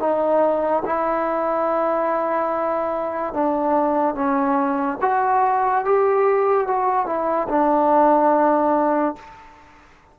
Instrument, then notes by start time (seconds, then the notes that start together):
trombone
0.00 D#4
0.86 E4
3.34 D4
4.15 C#4
5.02 F#4
5.85 G4
6.67 F#4
7.06 E4
7.49 D4